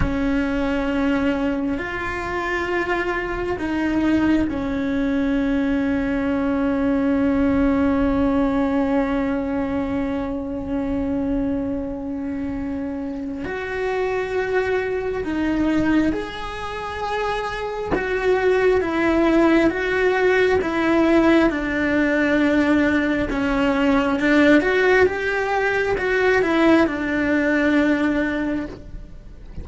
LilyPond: \new Staff \with { instrumentName = "cello" } { \time 4/4 \tempo 4 = 67 cis'2 f'2 | dis'4 cis'2.~ | cis'1~ | cis'2. fis'4~ |
fis'4 dis'4 gis'2 | fis'4 e'4 fis'4 e'4 | d'2 cis'4 d'8 fis'8 | g'4 fis'8 e'8 d'2 | }